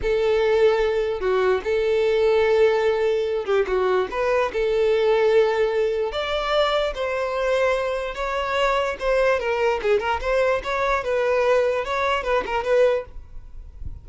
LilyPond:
\new Staff \with { instrumentName = "violin" } { \time 4/4 \tempo 4 = 147 a'2. fis'4 | a'1~ | a'8 g'8 fis'4 b'4 a'4~ | a'2. d''4~ |
d''4 c''2. | cis''2 c''4 ais'4 | gis'8 ais'8 c''4 cis''4 b'4~ | b'4 cis''4 b'8 ais'8 b'4 | }